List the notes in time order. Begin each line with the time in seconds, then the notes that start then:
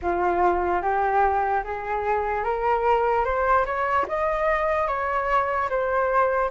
0.02 F4
0.81 G4
1.64 G#4
2.43 A#4
3.24 C5
3.65 C#5
4.08 D#5
4.87 C#5
5.69 C5